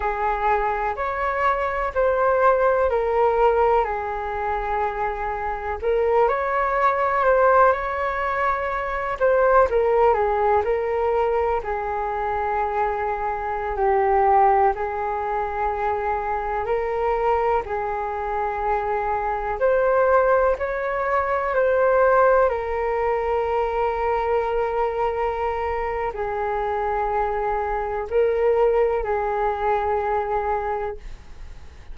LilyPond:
\new Staff \with { instrumentName = "flute" } { \time 4/4 \tempo 4 = 62 gis'4 cis''4 c''4 ais'4 | gis'2 ais'8 cis''4 c''8 | cis''4. c''8 ais'8 gis'8 ais'4 | gis'2~ gis'16 g'4 gis'8.~ |
gis'4~ gis'16 ais'4 gis'4.~ gis'16~ | gis'16 c''4 cis''4 c''4 ais'8.~ | ais'2. gis'4~ | gis'4 ais'4 gis'2 | }